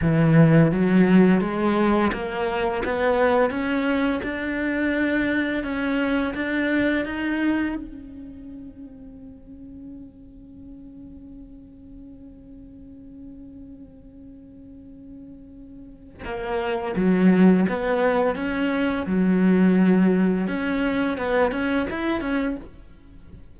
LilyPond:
\new Staff \with { instrumentName = "cello" } { \time 4/4 \tempo 4 = 85 e4 fis4 gis4 ais4 | b4 cis'4 d'2 | cis'4 d'4 dis'4 cis'4~ | cis'1~ |
cis'1~ | cis'2. ais4 | fis4 b4 cis'4 fis4~ | fis4 cis'4 b8 cis'8 e'8 cis'8 | }